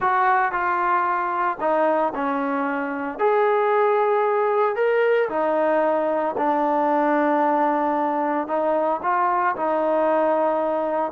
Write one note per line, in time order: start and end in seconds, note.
0.00 0.52 F#4
0.52 1.58 F4
1.60 2.13 D#4
2.14 3.18 C#4
3.18 4.75 G#4
4.75 5.28 A#4
5.29 6.35 D#4
6.37 8.47 D4
8.47 9.00 D#4
9.02 9.55 F4
9.56 11.12 D#4